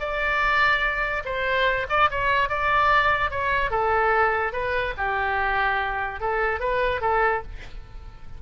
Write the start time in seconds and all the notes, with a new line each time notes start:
0.00 D5
1.25 C5
1.89 D5
2.11 C#5
2.49 D5
3.31 C#5
3.71 A4
4.53 B4
4.98 G4
6.20 A4
6.60 B4
7.01 A4